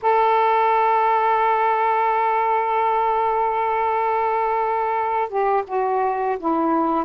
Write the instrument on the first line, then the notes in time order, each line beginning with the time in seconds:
saxophone
0.02 A4
5.28 G4
5.67 F#4
6.39 E4